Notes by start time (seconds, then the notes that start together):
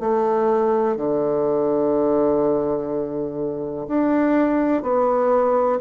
0.00 A3
0.97 D3
3.88 D4
4.83 B3